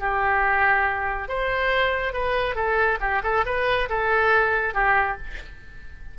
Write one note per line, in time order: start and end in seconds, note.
0.00 1.29 G4
1.29 2.13 C5
2.13 2.55 B4
2.55 2.99 A4
3.01 3.22 G4
3.24 3.45 A4
3.46 3.89 B4
3.89 4.74 A4
4.74 5.18 G4